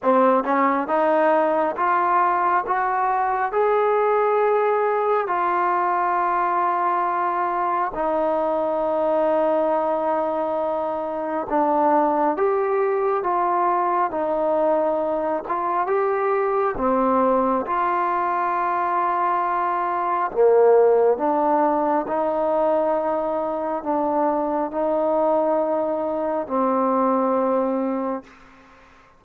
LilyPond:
\new Staff \with { instrumentName = "trombone" } { \time 4/4 \tempo 4 = 68 c'8 cis'8 dis'4 f'4 fis'4 | gis'2 f'2~ | f'4 dis'2.~ | dis'4 d'4 g'4 f'4 |
dis'4. f'8 g'4 c'4 | f'2. ais4 | d'4 dis'2 d'4 | dis'2 c'2 | }